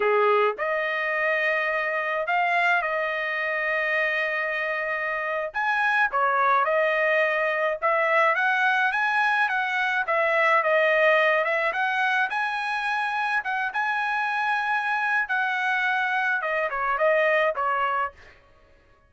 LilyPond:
\new Staff \with { instrumentName = "trumpet" } { \time 4/4 \tempo 4 = 106 gis'4 dis''2. | f''4 dis''2.~ | dis''4.~ dis''16 gis''4 cis''4 dis''16~ | dis''4.~ dis''16 e''4 fis''4 gis''16~ |
gis''8. fis''4 e''4 dis''4~ dis''16~ | dis''16 e''8 fis''4 gis''2 fis''16~ | fis''16 gis''2~ gis''8. fis''4~ | fis''4 dis''8 cis''8 dis''4 cis''4 | }